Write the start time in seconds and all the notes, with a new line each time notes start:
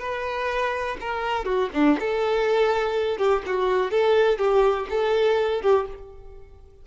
0.00 B4
1.01 A#4
1.46 F#4
1.74 D4
2.00 A4
3.19 G4
3.47 F#4
3.91 A4
4.39 G4
4.90 A4
5.62 G4